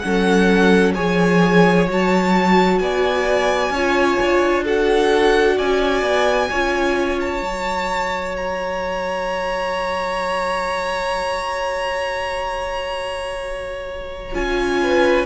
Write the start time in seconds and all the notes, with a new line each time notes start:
0.00 F#3 C#4 A4 F#5
0.95 F3 G#4 C#5 G#5
1.88 F#3 F#4 A5
2.79 B3 D5 G#5
3.70 C#4 F4 C#5
4.21 D4
4.64 F#4 A4 F#5
5.57 C#4 D5 G#5
6.02 B3
6.50 C#4 F4 C#5
7.21 A5
7.42 F#3 F#4
8.37 A#5
14.34 C#4 F4 G#5
14.83 B4